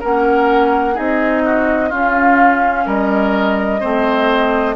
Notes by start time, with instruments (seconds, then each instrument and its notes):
0.00 bassoon A#3, clarinet C#4, oboe A#4, flute F#5
0.95 bassoon C4, clarinet D#4, oboe G#4, flute D#5
1.45 oboe F#4
1.89 bassoon C#4, clarinet C#4, oboe F4, flute F5
2.86 bassoon G3, oboe A#4, flute D#5
3.81 bassoon A3, clarinet C4, oboe C5